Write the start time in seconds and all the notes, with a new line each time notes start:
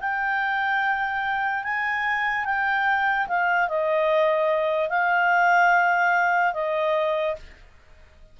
0.00 G5
1.64 G#5
2.45 G5
3.28 F5
3.68 D#5
4.89 F5
6.54 D#5